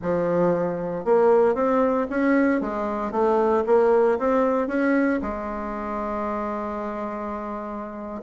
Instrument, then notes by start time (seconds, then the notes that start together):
bassoon
0.01 F3
1.05 A#3
1.54 C4
2.10 C#4
2.61 G#3
3.11 A3
3.66 A#3
4.19 C4
4.67 C#4
5.22 G#3